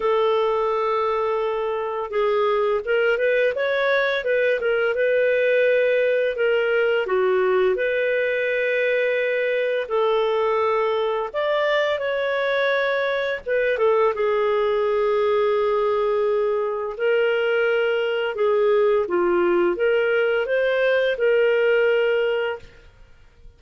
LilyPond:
\new Staff \with { instrumentName = "clarinet" } { \time 4/4 \tempo 4 = 85 a'2. gis'4 | ais'8 b'8 cis''4 b'8 ais'8 b'4~ | b'4 ais'4 fis'4 b'4~ | b'2 a'2 |
d''4 cis''2 b'8 a'8 | gis'1 | ais'2 gis'4 f'4 | ais'4 c''4 ais'2 | }